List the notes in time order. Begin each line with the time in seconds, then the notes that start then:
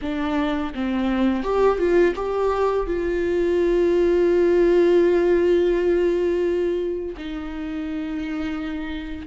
0.01 D4
0.74 C4
1.43 G4
1.78 F4
2.15 G4
2.86 F4
7.17 D#4